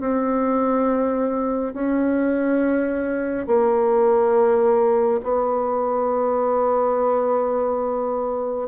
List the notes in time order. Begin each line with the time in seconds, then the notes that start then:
0.00 C4
1.74 C#4
3.47 A#3
5.23 B3